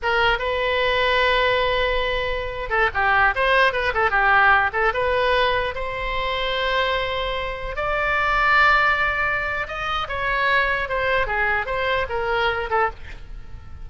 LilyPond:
\new Staff \with { instrumentName = "oboe" } { \time 4/4 \tempo 4 = 149 ais'4 b'2.~ | b'2~ b'8. a'8 g'8.~ | g'16 c''4 b'8 a'8 g'4. a'16~ | a'16 b'2 c''4.~ c''16~ |
c''2.~ c''16 d''8.~ | d''1 | dis''4 cis''2 c''4 | gis'4 c''4 ais'4. a'8 | }